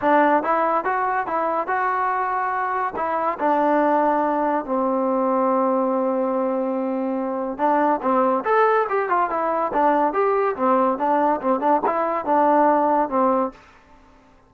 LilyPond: \new Staff \with { instrumentName = "trombone" } { \time 4/4 \tempo 4 = 142 d'4 e'4 fis'4 e'4 | fis'2. e'4 | d'2. c'4~ | c'1~ |
c'2 d'4 c'4 | a'4 g'8 f'8 e'4 d'4 | g'4 c'4 d'4 c'8 d'8 | e'4 d'2 c'4 | }